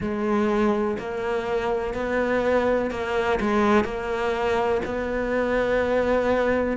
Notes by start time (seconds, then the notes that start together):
0.00 G#3
0.99 A#3
1.94 B3
2.90 A#3
3.40 G#3
3.84 A#3
4.85 B3